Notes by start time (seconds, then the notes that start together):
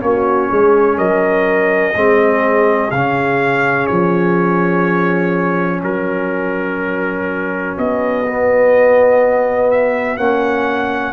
0.00 A#3 C#4 F#4 C#5
0.50 G#3 G#4
0.97 F#3 A#4 D#5
1.95 G#3 C4 G#4
2.91 C#3 C#4 F5
3.86 F3 C#5
5.82 F#3 F#4 A#4
7.78 B3 D#5
8.27 B3
9.71 E5
10.17 A#3 C#4 F#5